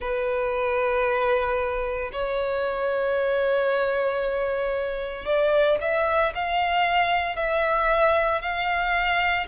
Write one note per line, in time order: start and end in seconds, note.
0.00 2.11 B4
2.12 5.25 C#5
5.25 5.78 D5
5.80 6.33 E5
6.34 7.36 F5
7.36 8.41 E5
8.41 9.46 F5